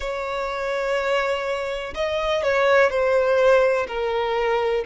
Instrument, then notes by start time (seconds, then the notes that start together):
violin
0.00 C#5
1.94 D#5
2.42 C#5
2.89 C5
3.87 A#4